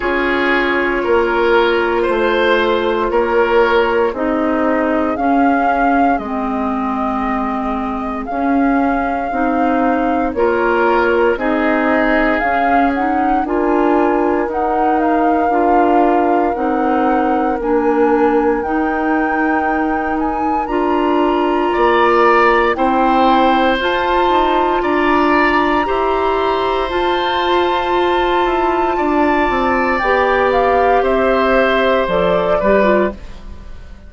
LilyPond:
<<
  \new Staff \with { instrumentName = "flute" } { \time 4/4 \tempo 4 = 58 cis''2 c''4 cis''4 | dis''4 f''4 dis''2 | f''2 cis''4 dis''4 | f''8 fis''8 gis''4 fis''8 f''4. |
fis''4 gis''4 g''4. gis''8 | ais''2 g''4 a''4 | ais''2 a''2~ | a''4 g''8 f''8 e''4 d''4 | }
  \new Staff \with { instrumentName = "oboe" } { \time 4/4 gis'4 ais'4 c''4 ais'4 | gis'1~ | gis'2 ais'4 gis'4~ | gis'4 ais'2.~ |
ais'1~ | ais'4 d''4 c''2 | d''4 c''2. | d''2 c''4. b'8 | }
  \new Staff \with { instrumentName = "clarinet" } { \time 4/4 f'1 | dis'4 cis'4 c'2 | cis'4 dis'4 f'4 dis'4 | cis'8 dis'8 f'4 dis'4 f'4 |
dis'4 d'4 dis'2 | f'2 e'4 f'4~ | f'4 g'4 f'2~ | f'4 g'2 a'8 g'16 f'16 | }
  \new Staff \with { instrumentName = "bassoon" } { \time 4/4 cis'4 ais4 a4 ais4 | c'4 cis'4 gis2 | cis'4 c'4 ais4 c'4 | cis'4 d'4 dis'4 d'4 |
c'4 ais4 dis'2 | d'4 ais4 c'4 f'8 dis'8 | d'4 e'4 f'4. e'8 | d'8 c'8 b4 c'4 f8 g8 | }
>>